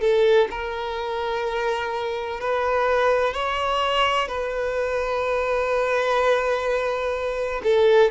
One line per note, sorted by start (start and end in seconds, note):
0.00 0.48 A4
0.50 2.40 A#4
2.40 3.33 B4
3.33 4.28 C#5
4.28 7.61 B4
7.63 8.10 A4